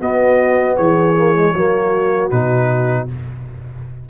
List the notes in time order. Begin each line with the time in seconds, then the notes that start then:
0.00 B3 F#4 D#5
0.76 E3 G#4 C#5
1.17 A#3
1.35 G#3
1.54 F#3 A#3 F#4
2.30 B2 D#4 B4